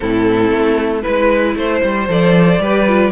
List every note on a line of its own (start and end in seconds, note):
0.00 0.51 A2
0.00 1.02 C4
0.00 1.02 E4
0.00 1.02 A4
0.51 1.03 A3
1.02 1.55 G#3
1.02 2.07 E4
1.02 1.54 B4
1.02 1.56 B4
1.55 1.81 A3
1.55 2.09 C5
1.55 2.61 C5
1.83 2.08 G3
2.08 2.59 F3
2.08 2.60 A4
2.08 3.11 D5
2.59 3.11 G3
2.59 2.87 G4
2.59 3.11 B4
2.87 3.11 F4